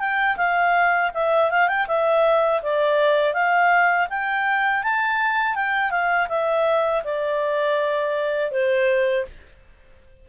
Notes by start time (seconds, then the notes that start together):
0.00 G5
0.37 F5
1.14 E5
1.52 F5
1.68 G5
1.88 E5
2.63 D5
3.34 F5
4.10 G5
4.84 A5
5.56 G5
5.91 F5
6.29 E5
7.05 D5
8.52 C5